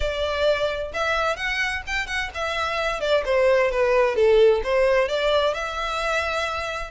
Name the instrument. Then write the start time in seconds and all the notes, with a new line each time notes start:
violin
0.00 D5
0.93 E5
1.36 F#5
1.87 G5
2.06 F#5
2.34 E5
3.00 D5
3.25 C5
3.71 B4
4.15 A4
4.63 C5
5.08 D5
5.54 E5